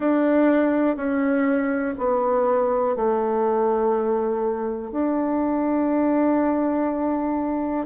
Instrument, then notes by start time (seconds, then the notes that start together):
bassoon
0.00 D4
0.96 C#4
1.98 B3
2.96 A3
4.91 D4